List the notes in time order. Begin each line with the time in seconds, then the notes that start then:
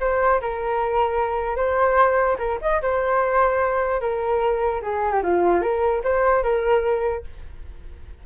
0.00 C5
0.41 A#4
1.56 C5
2.38 A#4
2.61 D#5
2.82 C5
4.00 A#4
4.82 G#4
5.12 G4
5.23 F4
5.62 A#4
6.03 C5
6.43 A#4